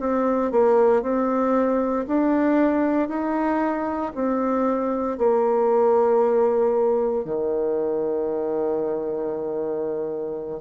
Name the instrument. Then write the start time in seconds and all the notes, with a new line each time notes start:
bassoon
0.00 C4
0.52 A#3
1.03 C4
2.08 D4
3.09 D#4
4.15 C4
5.18 A#3
7.25 D#3